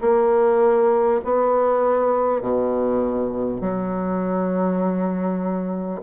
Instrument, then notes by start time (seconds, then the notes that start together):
bassoon
0.00 A#3
1.24 B3
2.41 B2
3.61 F#3